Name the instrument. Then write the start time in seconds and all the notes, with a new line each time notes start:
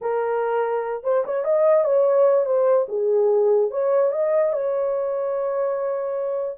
horn
0.01 A#4
1.03 C5
1.25 C#5
1.44 D#5
1.84 C#5
2.45 C5
2.88 G#4
3.71 C#5
4.11 D#5
4.52 C#5